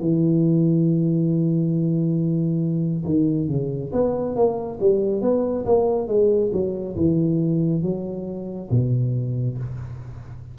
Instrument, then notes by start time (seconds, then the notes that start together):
tuba
0.00 E3
3.05 D#3
3.48 C#3
3.92 B3
4.35 A#3
4.80 G3
5.22 B3
5.66 A#3
6.08 G#3
6.52 F#3
6.96 E3
7.83 F#3
8.70 B2